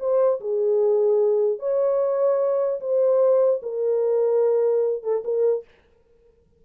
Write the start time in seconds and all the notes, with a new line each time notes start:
0.00 C5
0.41 G#4
1.60 C#5
2.81 C5
3.63 A#4
5.04 A4
5.25 A#4